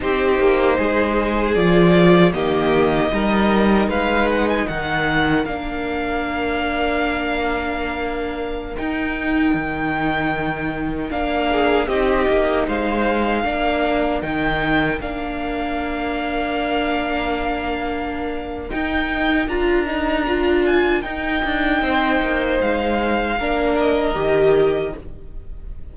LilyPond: <<
  \new Staff \with { instrumentName = "violin" } { \time 4/4 \tempo 4 = 77 c''2 d''4 dis''4~ | dis''4 f''8 fis''16 gis''16 fis''4 f''4~ | f''2.~ f''16 g''8.~ | g''2~ g''16 f''4 dis''8.~ |
dis''16 f''2 g''4 f''8.~ | f''1 | g''4 ais''4. gis''8 g''4~ | g''4 f''4. dis''4. | }
  \new Staff \with { instrumentName = "violin" } { \time 4/4 g'4 gis'2 g'4 | ais'4 b'4 ais'2~ | ais'1~ | ais'2~ ais'8. gis'8 g'8.~ |
g'16 c''4 ais'2~ ais'8.~ | ais'1~ | ais'1 | c''2 ais'2 | }
  \new Staff \with { instrumentName = "viola" } { \time 4/4 dis'2 f'4 ais4 | dis'2. d'4~ | d'2.~ d'16 dis'8.~ | dis'2~ dis'16 d'4 dis'8.~ |
dis'4~ dis'16 d'4 dis'4 d'8.~ | d'1 | dis'4 f'8 dis'8 f'4 dis'4~ | dis'2 d'4 g'4 | }
  \new Staff \with { instrumentName = "cello" } { \time 4/4 c'8 ais8 gis4 f4 dis4 | g4 gis4 dis4 ais4~ | ais2.~ ais16 dis'8.~ | dis'16 dis2 ais4 c'8 ais16~ |
ais16 gis4 ais4 dis4 ais8.~ | ais1 | dis'4 d'2 dis'8 d'8 | c'8 ais8 gis4 ais4 dis4 | }
>>